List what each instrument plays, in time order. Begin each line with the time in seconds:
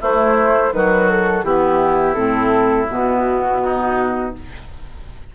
0.00 clarinet A3, bassoon A3, oboe E4, flute C5
0.72 bassoon D#3, clarinet F#3, oboe F#4, flute B4
1.09 flute A4
1.43 bassoon E3, clarinet B3, oboe E4, flute G4
2.14 bassoon A2, clarinet C4, flute A4
2.89 bassoon B2, clarinet B3, flute F#4
3.63 oboe D#4